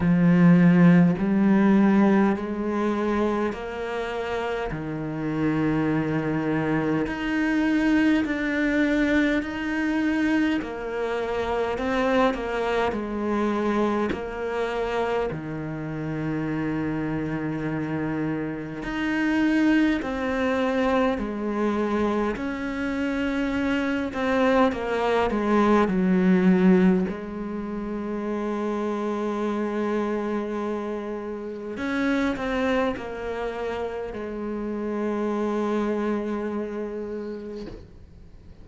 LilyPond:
\new Staff \with { instrumentName = "cello" } { \time 4/4 \tempo 4 = 51 f4 g4 gis4 ais4 | dis2 dis'4 d'4 | dis'4 ais4 c'8 ais8 gis4 | ais4 dis2. |
dis'4 c'4 gis4 cis'4~ | cis'8 c'8 ais8 gis8 fis4 gis4~ | gis2. cis'8 c'8 | ais4 gis2. | }